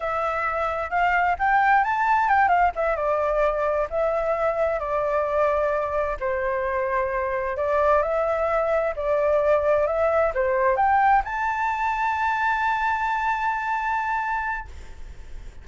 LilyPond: \new Staff \with { instrumentName = "flute" } { \time 4/4 \tempo 4 = 131 e''2 f''4 g''4 | a''4 g''8 f''8 e''8 d''4.~ | d''8 e''2 d''4.~ | d''4. c''2~ c''8~ |
c''8 d''4 e''2 d''8~ | d''4. e''4 c''4 g''8~ | g''8 a''2.~ a''8~ | a''1 | }